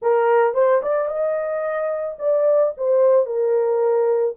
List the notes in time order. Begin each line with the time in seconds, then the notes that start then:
0.02 A#4
0.54 C5
0.82 D5
1.08 D#5
2.18 D5
2.77 C5
3.26 A#4